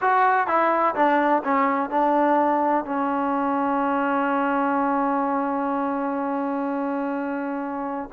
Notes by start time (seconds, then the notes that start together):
0.01 F#4
0.47 E4
0.95 D4
1.44 C#4
1.90 D4
2.85 C#4